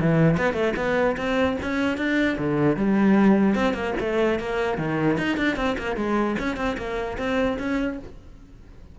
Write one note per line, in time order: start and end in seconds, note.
0.00 0.37 E3
0.37 0.53 B3
0.53 0.73 A3
0.76 1.16 B3
1.17 1.57 C4
1.62 1.97 C#4
1.97 2.37 D4
2.38 2.77 D3
2.77 3.55 G3
3.55 3.74 C4
3.74 3.94 A#3
4.00 4.39 A3
4.39 4.77 A#3
4.77 5.17 D#3
5.18 5.37 D#4
5.37 5.56 D4
5.56 5.76 C4
5.78 5.96 A#3
5.96 6.36 G#3
6.39 6.56 C#4
6.56 6.76 C4
6.77 7.17 A#3
7.18 7.58 C4
7.59 7.99 C#4